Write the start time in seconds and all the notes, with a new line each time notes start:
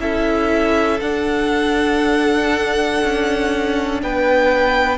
0.00 C#4 E4 A4 E5
1.01 D4 F#5
3.04 C#4
4.03 B3 B4 G5